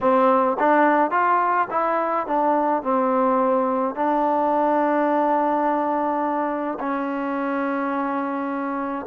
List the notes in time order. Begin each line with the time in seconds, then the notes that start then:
0.00 C4
0.59 D4
1.10 F4
1.70 E4
2.26 D4
2.83 C4
3.95 D4
6.79 C#4